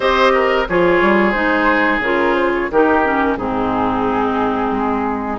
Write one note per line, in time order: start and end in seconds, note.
0.00 0.66 C4
0.00 0.66 G4
0.00 0.32 C5
0.00 0.67 D#5
0.34 0.67 A#4
0.68 1.01 F3
0.68 1.33 F4
0.68 2.71 G#4
0.68 1.31 C#5
1.01 1.34 G3
1.31 1.99 G#3
1.31 2.01 D#4
1.31 1.98 C5
1.99 2.66 C#3
1.99 2.71 F4
1.99 2.34 A#4
2.34 2.51 C5
2.54 2.70 C#5
2.71 3.37 D#3
2.71 3.04 D#4
2.71 3.37 G4
2.71 3.37 A#4
3.04 3.37 C#4
3.37 4.70 G#2
3.37 5.38 C4
3.37 5.38 D#4
3.37 5.38 G#4
4.70 5.38 G#3